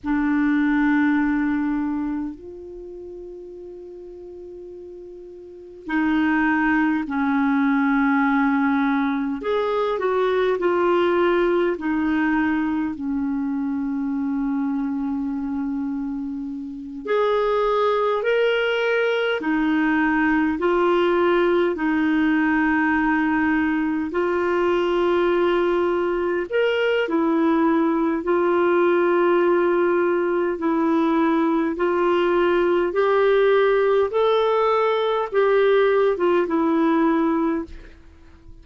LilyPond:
\new Staff \with { instrumentName = "clarinet" } { \time 4/4 \tempo 4 = 51 d'2 f'2~ | f'4 dis'4 cis'2 | gis'8 fis'8 f'4 dis'4 cis'4~ | cis'2~ cis'8 gis'4 ais'8~ |
ais'8 dis'4 f'4 dis'4.~ | dis'8 f'2 ais'8 e'4 | f'2 e'4 f'4 | g'4 a'4 g'8. f'16 e'4 | }